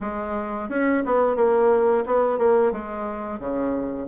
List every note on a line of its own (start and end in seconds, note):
0.00 0.68 G#3
0.69 1.03 C#4
1.05 1.36 B3
1.36 2.04 A#3
2.05 2.38 B3
2.38 2.71 A#3
2.71 3.39 G#3
3.39 4.07 C#3